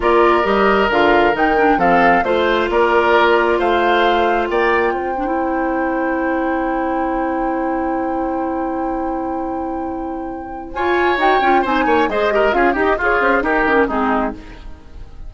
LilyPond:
<<
  \new Staff \with { instrumentName = "flute" } { \time 4/4 \tempo 4 = 134 d''4 dis''4 f''4 g''4 | f''4 c''4 d''2 | f''2 g''2~ | g''1~ |
g''1~ | g''1 | gis''4 g''4 gis''4 dis''4 | f''8 dis''8 cis''8 c''8 ais'4 gis'4 | }
  \new Staff \with { instrumentName = "oboe" } { \time 4/4 ais'1 | a'4 c''4 ais'2 | c''2 d''4 c''4~ | c''1~ |
c''1~ | c''1 | cis''2 c''8 cis''8 c''8 ais'8 | gis'8 g'8 f'4 g'4 dis'4 | }
  \new Staff \with { instrumentName = "clarinet" } { \time 4/4 f'4 g'4 f'4 dis'8 d'8 | c'4 f'2.~ | f'2.~ f'8 d'16 e'16~ | e'1~ |
e'1~ | e'1 | f'4 fis'8 f'8 dis'4 gis'8 g'8 | f'8 g'8 gis'4 dis'8 cis'8 c'4 | }
  \new Staff \with { instrumentName = "bassoon" } { \time 4/4 ais4 g4 d4 dis4 | f4 a4 ais2 | a2 ais4 c'4~ | c'1~ |
c'1~ | c'1 | f'4 dis'8 cis'8 c'8 ais8 gis4 | cis'8 dis'8 f'8 cis'8 dis'8 dis8 gis4 | }
>>